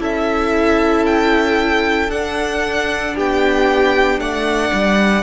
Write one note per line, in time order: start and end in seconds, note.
0.00 2.09 C#4
0.00 2.11 E4
0.00 3.15 A4
0.00 1.06 E5
1.06 2.11 G5
2.09 3.14 D4
2.09 5.23 D4
2.09 3.16 F#5
3.15 4.19 B3
3.15 4.21 G4
3.15 4.20 G5
4.19 4.72 A3
4.19 5.23 D5
4.19 5.23 F#5
4.74 5.23 G3